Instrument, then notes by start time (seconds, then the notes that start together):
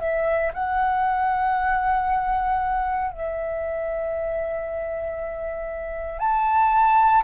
flute
0.00 E5
0.54 F#5
3.11 E5
6.19 A5